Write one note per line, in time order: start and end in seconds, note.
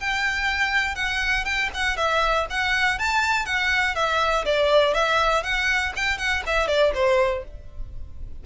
0.00 0.95 G5
0.95 1.44 F#5
1.45 1.70 G5
1.74 1.97 F#5
1.97 2.46 E5
2.50 2.99 F#5
2.99 3.46 A5
3.46 3.95 F#5
3.95 4.45 E5
4.45 4.94 D5
4.94 5.43 E5
5.43 5.93 F#5
5.96 6.18 G5
6.18 6.43 F#5
6.46 6.68 E5
6.68 6.92 D5
6.94 7.44 C5